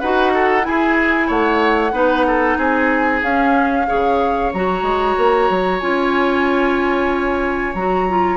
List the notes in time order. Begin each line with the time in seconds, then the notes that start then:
0.00 D#4 F#4 B4 F#5
0.34 A4
0.62 E4 G#5
0.68 E4 G#4
1.27 A3 C#5 F#5
1.92 B3 D#4 B4
2.27 A4
2.57 C4 G#4 G#5
3.23 C#4 F5
3.87 C#3 G#4 C#5
4.53 F#3 F#4 A#5
4.83 G#3
5.18 A#3
5.50 F#3
5.80 C#4 F4 G#5
7.74 F#3 F#4 A#5
8.09 F4